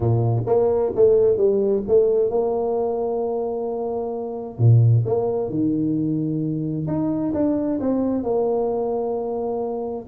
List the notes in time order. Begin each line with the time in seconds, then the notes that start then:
0.00 A#2
0.46 A#3
0.95 A3
1.37 G3
1.87 A3
2.29 A#3
4.58 A#2
5.05 A#3
5.49 D#3
6.87 D#4
7.33 D4
7.80 C4
8.23 A#3